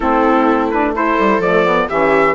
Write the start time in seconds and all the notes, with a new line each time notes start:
0.00 A3 C4 E4 A4
0.70 D4 B4
0.94 E4 A4 C5
1.19 G3
1.38 F3 A3 D5
1.65 B3
1.88 E3 C#4 G4 E5